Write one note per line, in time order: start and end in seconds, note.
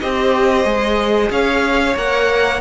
0.00 0.65 C4
0.00 0.65 G4
0.00 1.32 C5
0.00 1.30 D#5
0.65 1.30 G#3
0.65 1.95 G#4
1.30 1.96 C#4
1.30 2.61 C#5
1.30 1.97 F5
1.96 2.61 A#3
1.96 2.61 A#4
1.96 2.61 F#5